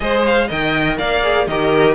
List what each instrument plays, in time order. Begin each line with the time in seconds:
0.00 cello G#3, viola G#4, violin C5 D#5
0.25 violin F5
0.47 cello D#3, viola A#4, violin D#5 G5
0.97 cello A#3, violin D5 F5
1.22 viola G#4
1.47 cello D#3, viola G4, violin A#4 D#5